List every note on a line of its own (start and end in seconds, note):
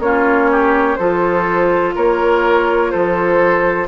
0.00 0.97 A#3
0.00 0.99 C#4
0.00 0.51 F4
0.00 0.96 C#5
0.51 0.99 G4
0.96 1.96 F3
0.96 3.88 F4
0.96 1.96 A4
0.96 1.93 C5
1.96 2.94 A#3
1.96 2.92 A#4
1.96 2.91 C#5
2.91 3.88 F3
2.91 3.88 A4
2.91 3.88 C5